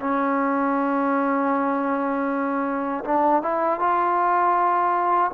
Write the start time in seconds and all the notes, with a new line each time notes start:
0.00 C#4
3.04 D4
3.42 E4
3.79 F4